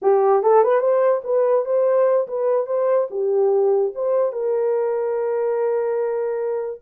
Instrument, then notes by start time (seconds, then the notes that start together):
horn
0.02 G4
0.42 A4
0.63 B4
0.80 C5
1.24 B4
1.65 C5
2.27 B4
2.66 C5
3.10 G4
3.94 C5
4.32 A#4